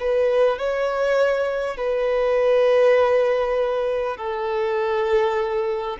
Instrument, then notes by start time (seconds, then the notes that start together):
violin
0.00 B4
0.58 C#5
1.77 B4
4.17 A4